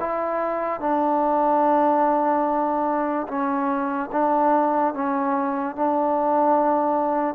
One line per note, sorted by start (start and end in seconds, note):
0.00 0.81 E4
0.81 3.27 D4
3.28 4.10 C#4
4.12 4.94 D4
4.94 5.76 C#4
5.76 7.35 D4